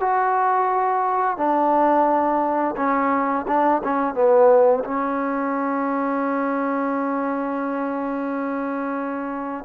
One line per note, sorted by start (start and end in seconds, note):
0.00 1.37 F#4
1.37 2.75 D4
2.77 3.46 C#4
3.48 3.82 D4
3.84 4.15 C#4
4.15 4.84 B3
4.84 9.65 C#4